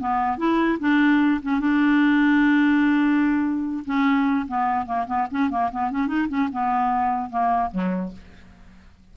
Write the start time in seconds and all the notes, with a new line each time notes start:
0.00 B3
0.38 E4
0.80 D4
1.43 C#4
1.60 D4
3.86 C#4
4.48 B3
4.86 A#3
5.07 B3
5.31 C#4
5.51 A#3
5.72 B3
5.91 C#4
6.08 D#4
6.29 C#4
6.53 B3
7.30 A#3
7.72 F#3